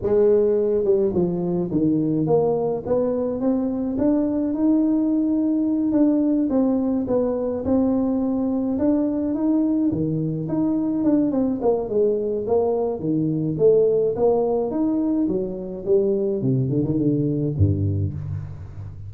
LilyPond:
\new Staff \with { instrumentName = "tuba" } { \time 4/4 \tempo 4 = 106 gis4. g8 f4 dis4 | ais4 b4 c'4 d'4 | dis'2~ dis'8 d'4 c'8~ | c'8 b4 c'2 d'8~ |
d'8 dis'4 dis4 dis'4 d'8 | c'8 ais8 gis4 ais4 dis4 | a4 ais4 dis'4 fis4 | g4 c8 d16 dis16 d4 g,4 | }